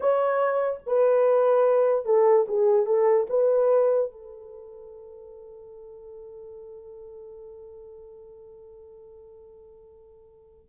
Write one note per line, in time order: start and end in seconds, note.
0.00 0.79 C#5
0.86 2.05 B4
2.05 2.46 A4
2.48 2.85 G#4
2.85 3.27 A4
3.29 4.11 B4
4.11 10.68 A4